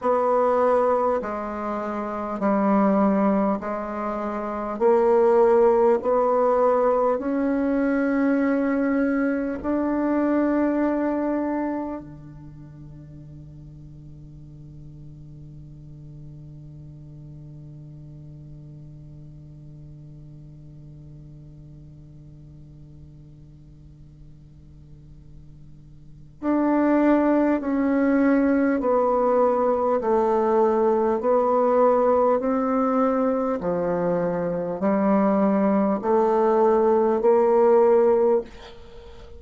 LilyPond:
\new Staff \with { instrumentName = "bassoon" } { \time 4/4 \tempo 4 = 50 b4 gis4 g4 gis4 | ais4 b4 cis'2 | d'2 d2~ | d1~ |
d1~ | d2 d'4 cis'4 | b4 a4 b4 c'4 | f4 g4 a4 ais4 | }